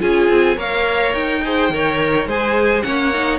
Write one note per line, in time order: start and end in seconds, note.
0.00 0.29 C#4
0.00 0.57 F4
0.00 0.57 G#4
0.00 0.59 G#5
0.29 0.57 C4
0.57 1.14 A#3
0.57 1.43 A#4
0.57 1.42 C#5
0.57 1.15 F5
1.14 1.70 D#4
1.14 2.28 G5
1.44 1.73 G#4
1.44 1.74 C5
1.70 2.27 D#3
1.70 2.29 A#4
1.70 2.28 C#5
2.27 2.83 G#3
2.27 2.84 G#4
2.27 2.85 C5
2.27 2.82 G#5
2.82 3.40 A#3
2.82 3.12 C#4
2.82 3.40 C#5
2.82 3.39 F#5
3.15 3.40 D#4